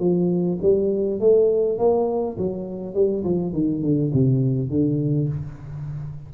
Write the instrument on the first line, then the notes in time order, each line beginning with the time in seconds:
tuba
0.00 F3
0.62 G3
1.20 A3
1.79 A#3
2.38 F#3
2.94 G3
3.24 F3
3.53 D#3
3.82 D3
4.13 C3
4.70 D3